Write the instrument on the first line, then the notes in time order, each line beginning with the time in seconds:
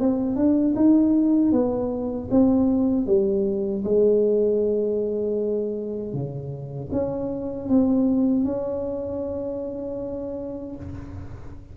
tuba
0.00 C4
0.36 D4
0.76 D#4
1.52 B3
2.31 C4
3.07 G3
3.85 G#3
6.13 C#3
6.92 C#4
7.69 C4
8.45 C#4